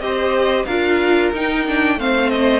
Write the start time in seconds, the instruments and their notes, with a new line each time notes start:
0.00 cello C4, viola G4, violin C5 D#5
0.66 cello D4, viola F4, violin A#4 F5
1.33 cello D#4, viola D#4, violin G5
1.67 viola D4
1.96 cello A3, viola C4, violin C5 F5
2.29 violin D#5